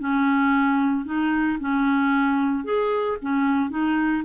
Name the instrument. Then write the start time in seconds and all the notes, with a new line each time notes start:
clarinet
0.00 C#4
1.05 D#4
1.60 C#4
2.65 G#4
3.22 C#4
3.70 D#4